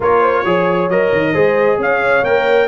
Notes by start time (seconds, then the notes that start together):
0.00 A#3 F4 A#4 C#5
0.20 C5
0.45 F3 G#4 C#5
0.88 F#3 A#4 D#5
1.11 D#3
1.33 G#3 G#4 C5
1.78 C#4 C#5 F5
2.23 A#3 A#4 G5